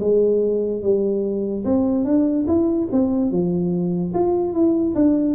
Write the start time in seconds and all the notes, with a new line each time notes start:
0.00 G#3
0.82 G3
1.65 C4
2.05 D4
2.47 E4
2.92 C4
3.31 F3
4.14 F4
4.54 E4
4.95 D4